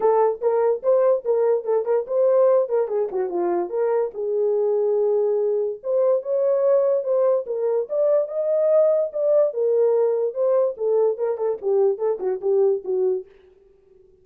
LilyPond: \new Staff \with { instrumentName = "horn" } { \time 4/4 \tempo 4 = 145 a'4 ais'4 c''4 ais'4 | a'8 ais'8 c''4. ais'8 gis'8 fis'8 | f'4 ais'4 gis'2~ | gis'2 c''4 cis''4~ |
cis''4 c''4 ais'4 d''4 | dis''2 d''4 ais'4~ | ais'4 c''4 a'4 ais'8 a'8 | g'4 a'8 fis'8 g'4 fis'4 | }